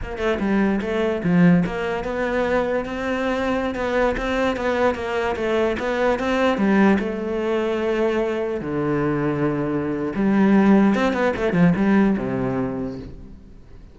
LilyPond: \new Staff \with { instrumentName = "cello" } { \time 4/4 \tempo 4 = 148 ais8 a8 g4 a4 f4 | ais4 b2 c'4~ | c'4~ c'16 b4 c'4 b8.~ | b16 ais4 a4 b4 c'8.~ |
c'16 g4 a2~ a8.~ | a4~ a16 d2~ d8.~ | d4 g2 c'8 b8 | a8 f8 g4 c2 | }